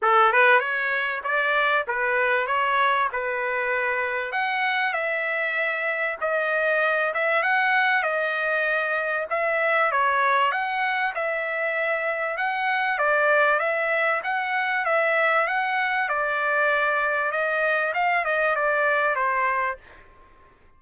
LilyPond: \new Staff \with { instrumentName = "trumpet" } { \time 4/4 \tempo 4 = 97 a'8 b'8 cis''4 d''4 b'4 | cis''4 b'2 fis''4 | e''2 dis''4. e''8 | fis''4 dis''2 e''4 |
cis''4 fis''4 e''2 | fis''4 d''4 e''4 fis''4 | e''4 fis''4 d''2 | dis''4 f''8 dis''8 d''4 c''4 | }